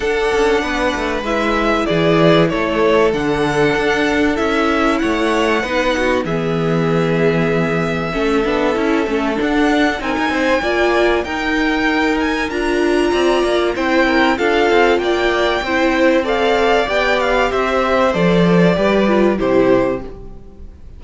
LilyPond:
<<
  \new Staff \with { instrumentName = "violin" } { \time 4/4 \tempo 4 = 96 fis''2 e''4 d''4 | cis''4 fis''2 e''4 | fis''2 e''2~ | e''2. fis''4 |
gis''2 g''4. gis''8 | ais''2 g''4 f''4 | g''2 f''4 g''8 f''8 | e''4 d''2 c''4 | }
  \new Staff \with { instrumentName = "violin" } { \time 4/4 a'4 b'2 gis'4 | a'1 | cis''4 b'8 fis'8 gis'2~ | gis'4 a'2. |
ais'8 c''8 d''4 ais'2~ | ais'4 d''4 c''8 ais'8 a'4 | d''4 c''4 d''2 | c''2 b'4 g'4 | }
  \new Staff \with { instrumentName = "viola" } { \time 4/4 d'2 e'2~ | e'4 d'2 e'4~ | e'4 dis'4 b2~ | b4 cis'8 d'8 e'8 cis'8 d'4 |
dis'4 f'4 dis'2 | f'2 e'4 f'4~ | f'4 e'4 a'4 g'4~ | g'4 a'4 g'8 f'8 e'4 | }
  \new Staff \with { instrumentName = "cello" } { \time 4/4 d'8 cis'8 b8 a8 gis4 e4 | a4 d4 d'4 cis'4 | a4 b4 e2~ | e4 a8 b8 cis'8 a8 d'4 |
c'16 dis'16 c'8 ais4 dis'2 | d'4 c'8 ais8 c'4 d'8 c'8 | ais4 c'2 b4 | c'4 f4 g4 c4 | }
>>